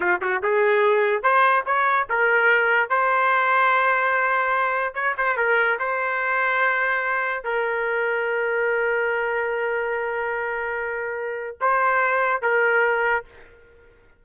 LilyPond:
\new Staff \with { instrumentName = "trumpet" } { \time 4/4 \tempo 4 = 145 f'8 fis'8 gis'2 c''4 | cis''4 ais'2 c''4~ | c''1 | cis''8 c''8 ais'4 c''2~ |
c''2 ais'2~ | ais'1~ | ais'1 | c''2 ais'2 | }